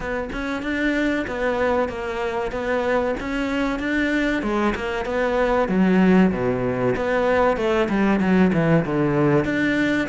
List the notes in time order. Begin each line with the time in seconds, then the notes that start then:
0.00 B3
0.32 C#4
0.62 D4
1.27 B3
1.88 A#3
2.51 B3
3.20 C#4
3.79 D4
4.42 G#3
4.75 A#3
5.05 B3
5.68 F#3
6.32 B2
6.96 B3
7.56 A3
7.89 G3
8.19 F#3
8.53 E3
8.85 D3
9.44 D4